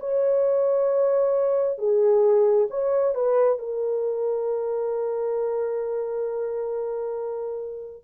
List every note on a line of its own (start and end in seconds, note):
0.00 1.79 C#5
1.79 2.68 G#4
2.71 3.15 C#5
3.15 3.59 B4
3.59 8.04 A#4